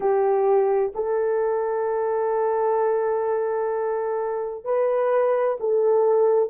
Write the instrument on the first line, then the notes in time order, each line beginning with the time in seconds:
horn
0.00 G4
0.94 A4
4.64 B4
5.60 A4